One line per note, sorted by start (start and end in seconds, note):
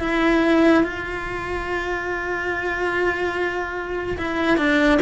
0.00 0.83 E4
0.83 4.17 F4
4.17 4.57 E4
4.57 4.99 D4